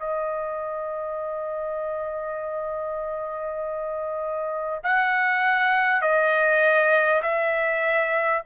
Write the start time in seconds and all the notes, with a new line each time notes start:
0.00 D#5
4.84 F#5
6.02 D#5
7.23 E5